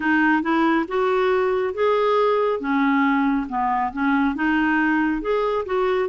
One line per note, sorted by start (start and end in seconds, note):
0.00 0.42 D#4
0.42 0.85 E4
0.87 1.74 F#4
1.74 2.60 G#4
2.60 3.47 C#4
3.49 3.92 B3
3.92 4.35 C#4
4.35 5.21 D#4
5.21 5.65 G#4
5.65 6.09 F#4